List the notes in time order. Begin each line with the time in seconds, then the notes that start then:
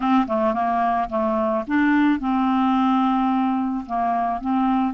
0.00 C4
0.27 A3
0.54 A#3
1.09 A3
1.67 D4
2.19 C4
3.86 A#3
4.41 C4